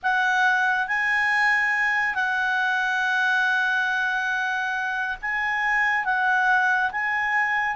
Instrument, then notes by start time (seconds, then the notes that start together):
clarinet
0.02 F#5
0.87 G#5
2.14 F#5
5.21 G#5
6.04 F#5
6.91 G#5